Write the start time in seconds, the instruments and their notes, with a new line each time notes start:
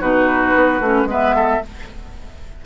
0.00 bassoon B2, clarinet D#4, oboe F#4, flute B4
0.55 bassoon B3
0.80 bassoon A3, clarinet C#4
1.04 bassoon G#3, clarinet B3, oboe B4
1.11 flute E5
1.35 oboe A4